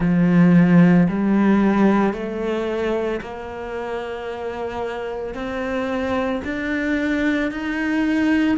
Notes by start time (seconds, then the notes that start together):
0.00 F3
1.08 G3
2.13 A3
3.21 A#3
5.34 C4
6.44 D4
7.51 D#4